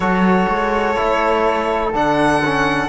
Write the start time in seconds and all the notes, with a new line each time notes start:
0.00 F#3 F#4 A4 C#5
0.48 G#3
0.96 A3 E4
1.93 D3 D4 F#5
2.44 C#4